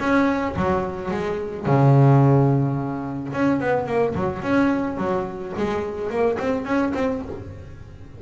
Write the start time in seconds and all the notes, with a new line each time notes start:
0.00 C#4
0.56 F#3
1.11 G#3
1.66 C#3
3.33 C#4
3.60 B3
3.87 A#3
4.15 F#3
4.42 C#4
4.97 F#3
5.58 G#3
6.10 A#3
6.39 C4
6.65 C#4
6.94 C4